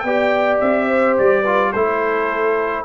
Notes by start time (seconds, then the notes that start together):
0.00 B3 D5 G5
0.06 G4
0.61 C4 E5
0.88 C5
1.19 G3 D5
1.42 F4 B4
1.73 A3 E4 A4 C5